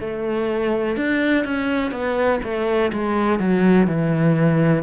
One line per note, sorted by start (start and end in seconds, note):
0.00 0.97 A3
0.97 1.45 D4
1.45 1.91 C#4
1.91 2.40 B3
2.43 2.92 A3
2.93 3.40 G#3
3.40 3.87 F#3
3.87 4.83 E3